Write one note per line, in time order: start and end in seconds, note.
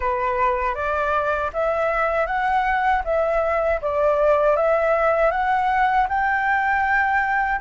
0.00 0.74 B4
0.74 1.50 D5
1.53 2.26 E5
2.26 3.02 F#5
3.04 3.80 E5
3.81 4.56 D5
4.56 5.31 E5
5.31 6.07 F#5
6.08 7.60 G5